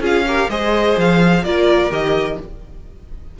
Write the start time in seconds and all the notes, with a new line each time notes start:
0.00 C#4 F4 G#4 F5
0.27 G4 A#4
0.49 G#3 G#4 C5 D#5
0.97 F3 F5
1.44 A#3 F4 A#4 D5
1.90 D#3 G4 D#5